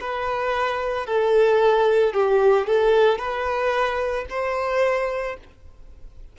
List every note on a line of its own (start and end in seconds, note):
0.00 1.06 B4
1.06 2.13 A4
2.13 2.67 G4
2.67 3.18 A4
3.18 4.25 B4
4.30 5.37 C5